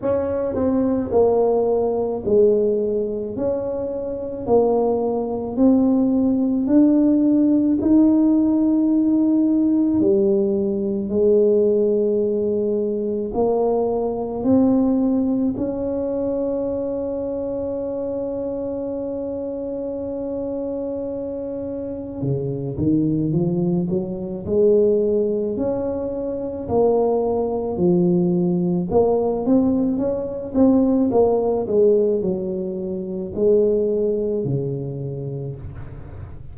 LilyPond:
\new Staff \with { instrumentName = "tuba" } { \time 4/4 \tempo 4 = 54 cis'8 c'8 ais4 gis4 cis'4 | ais4 c'4 d'4 dis'4~ | dis'4 g4 gis2 | ais4 c'4 cis'2~ |
cis'1 | cis8 dis8 f8 fis8 gis4 cis'4 | ais4 f4 ais8 c'8 cis'8 c'8 | ais8 gis8 fis4 gis4 cis4 | }